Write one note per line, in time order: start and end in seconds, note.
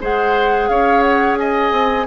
0.00 0.69 G#3
0.00 2.06 G#4
0.00 0.69 C5
0.00 0.68 F#5
0.68 1.71 C#4
0.68 1.39 C#5
0.68 1.01 F5
1.01 1.36 F#5
1.38 2.06 D#5
1.38 2.06 G#5
1.71 2.06 C4